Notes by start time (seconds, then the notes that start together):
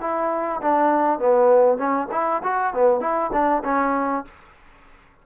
0.00 E4
0.61 D4
1.19 B3
1.77 C#4
2.11 E4
2.43 F#4
2.74 B3
3.00 E4
3.32 D4
3.64 C#4